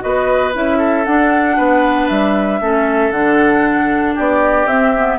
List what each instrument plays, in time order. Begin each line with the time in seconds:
0.00 bassoon B3, clarinet F#4, oboe B4, flute D#5
0.54 bassoon C#4, clarinet E4, flute E5
0.78 oboe A4
1.05 bassoon D4, clarinet D4, flute F#5
1.57 bassoon B3, oboe B4
2.08 bassoon G3, flute E5
2.61 bassoon A3, clarinet C#4, oboe A4
3.10 bassoon D3, clarinet D4, flute F#5
4.15 bassoon B3, oboe G4, flute D5
4.66 bassoon C4, clarinet C4, flute E5
4.96 clarinet B3